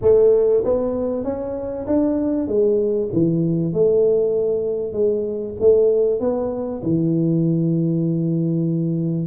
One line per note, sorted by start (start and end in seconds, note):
0.01 0.63 A3
0.64 1.24 B3
1.24 1.86 C#4
1.86 2.47 D4
2.47 3.09 G#3
3.12 3.73 E3
3.73 4.92 A3
4.92 5.54 G#3
5.60 6.20 A3
6.20 6.82 B3
6.82 9.27 E3